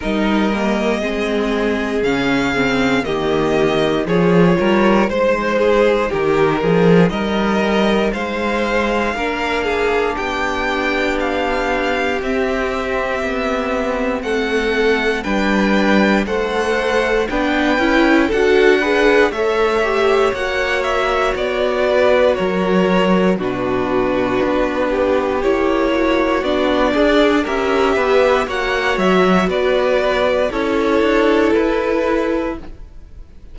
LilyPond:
<<
  \new Staff \with { instrumentName = "violin" } { \time 4/4 \tempo 4 = 59 dis''2 f''4 dis''4 | cis''4 c''4 ais'4 dis''4 | f''2 g''4 f''4 | e''2 fis''4 g''4 |
fis''4 g''4 fis''4 e''4 | fis''8 e''8 d''4 cis''4 b'4~ | b'4 cis''4 d''4 e''4 | fis''8 e''8 d''4 cis''4 b'4 | }
  \new Staff \with { instrumentName = "violin" } { \time 4/4 ais'4 gis'2 g'4 | gis'8 ais'8 c''8 gis'8 g'8 gis'8 ais'4 | c''4 ais'8 gis'8 g'2~ | g'2 a'4 b'4 |
c''4 b'4 a'8 b'8 cis''4~ | cis''4. b'8 ais'4 fis'4~ | fis'8 g'4 fis'4 gis'8 ais'8 b'8 | cis''4 b'4 a'2 | }
  \new Staff \with { instrumentName = "viola" } { \time 4/4 dis'8 ais8 c'4 cis'8 c'8 ais4 | f'4 dis'2.~ | dis'4 d'2. | c'2. d'4 |
a'4 d'8 e'8 fis'8 gis'8 a'8 g'8 | fis'2. d'4~ | d'4 e'4 d'4 g'4 | fis'2 e'2 | }
  \new Staff \with { instrumentName = "cello" } { \time 4/4 g4 gis4 cis4 dis4 | f8 g8 gis4 dis8 f8 g4 | gis4 ais4 b2 | c'4 b4 a4 g4 |
a4 b8 cis'8 d'4 a4 | ais4 b4 fis4 b,4 | b4 ais4 b8 d'8 cis'8 b8 | ais8 fis8 b4 cis'8 d'8 e'4 | }
>>